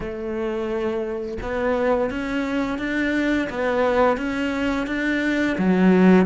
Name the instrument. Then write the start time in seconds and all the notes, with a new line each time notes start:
cello
0.00 A3
1.41 B3
2.10 C#4
2.78 D4
3.49 B3
4.17 C#4
4.86 D4
5.58 F#3